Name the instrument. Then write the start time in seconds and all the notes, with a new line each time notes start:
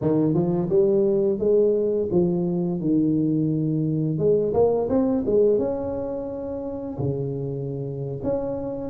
tuba
0.01 D#3
0.34 F3
0.69 G3
1.38 G#3
2.11 F3
2.80 D#3
4.18 G#3
4.53 A#3
4.89 C4
5.25 G#3
5.58 C#4
6.98 C#3
8.23 C#4